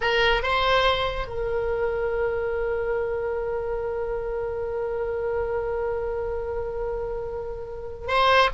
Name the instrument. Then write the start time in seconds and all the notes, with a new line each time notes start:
oboe
0.01 A#4
0.42 C5
1.27 A#4
8.07 C5